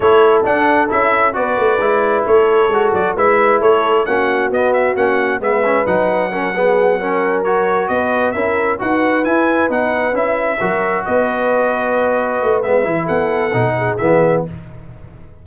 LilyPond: <<
  \new Staff \with { instrumentName = "trumpet" } { \time 4/4 \tempo 4 = 133 cis''4 fis''4 e''4 d''4~ | d''4 cis''4. d''8 e''4 | cis''4 fis''4 dis''8 e''8 fis''4 | e''4 fis''2.~ |
fis''8 cis''4 dis''4 e''4 fis''8~ | fis''8 gis''4 fis''4 e''4.~ | e''8 dis''2.~ dis''8 | e''4 fis''2 e''4 | }
  \new Staff \with { instrumentName = "horn" } { \time 4/4 a'2. b'4~ | b'4 a'2 b'4 | a'4 fis'2. | b'2 ais'8 gis'4 ais'8~ |
ais'4. b'4 ais'4 b'8~ | b'2.~ b'8 ais'8~ | ais'8 b'2.~ b'8~ | b'4 a'4. gis'4. | }
  \new Staff \with { instrumentName = "trombone" } { \time 4/4 e'4 d'4 e'4 fis'4 | e'2 fis'4 e'4~ | e'4 cis'4 b4 cis'4 | b8 cis'8 dis'4 cis'8 b4 cis'8~ |
cis'8 fis'2 e'4 fis'8~ | fis'8 e'4 dis'4 e'4 fis'8~ | fis'1 | b8 e'4. dis'4 b4 | }
  \new Staff \with { instrumentName = "tuba" } { \time 4/4 a4 d'4 cis'4 b8 a8 | gis4 a4 gis8 fis8 gis4 | a4 ais4 b4 ais4 | gis4 fis2.~ |
fis4. b4 cis'4 dis'8~ | dis'8 e'4 b4 cis'4 fis8~ | fis8 b2. a8 | gis8 e8 b4 b,4 e4 | }
>>